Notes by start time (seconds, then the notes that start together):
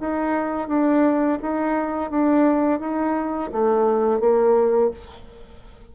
0.00 D#4
0.68 D4
1.42 D#4
2.10 D4
2.79 D#4
3.52 A3
4.20 A#3